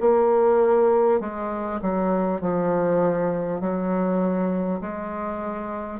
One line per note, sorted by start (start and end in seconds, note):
0.00 1.20 A#3
1.20 1.80 G#3
1.82 2.41 F#3
2.41 3.61 F3
3.61 4.81 F#3
4.81 5.99 G#3